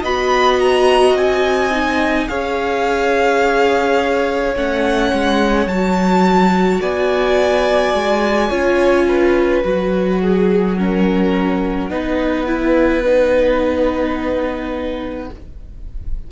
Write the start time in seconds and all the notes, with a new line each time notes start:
0.00 B3 F#4 D#5 B5
0.59 A#5
1.14 C4 G#5
1.71 D#4
2.28 C#4 G#4 C#5 F5
4.55 A3 C#4 F#5
5.12 G#3
5.67 F#3 F#4 A5
6.80 B3 D5 G#5
7.94 G#3
8.49 C#4 F4 C#5
9.08 B4
9.64 F#3 F#4 F#5
10.21 G#4
10.77 C#4 A#4
11.90 B3 D#4 B4
12.46 E4
13.05 D#4